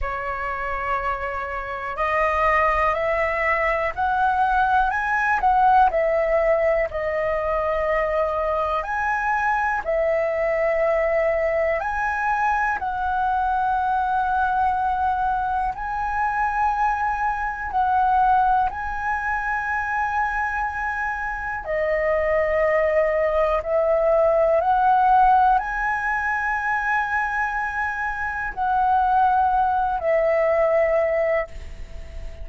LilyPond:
\new Staff \with { instrumentName = "flute" } { \time 4/4 \tempo 4 = 61 cis''2 dis''4 e''4 | fis''4 gis''8 fis''8 e''4 dis''4~ | dis''4 gis''4 e''2 | gis''4 fis''2. |
gis''2 fis''4 gis''4~ | gis''2 dis''2 | e''4 fis''4 gis''2~ | gis''4 fis''4. e''4. | }